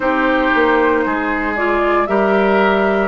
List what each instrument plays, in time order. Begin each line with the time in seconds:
0.00 bassoon C4, clarinet D#4, oboe G4, flute C5
0.54 bassoon A#3
1.05 bassoon G#3, oboe G#4
1.55 clarinet F4, flute D5
2.06 bassoon G3, clarinet G4, oboe A#4, flute E5